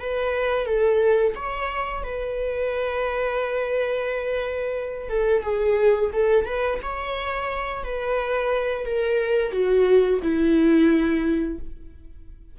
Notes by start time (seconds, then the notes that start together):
0.00 B4
0.66 A4
1.35 C#5
2.03 B4
5.09 A4
5.42 G#4
6.13 A4
6.46 B4
6.82 C#5
7.83 B4
8.85 A#4
9.52 F#4
10.22 E4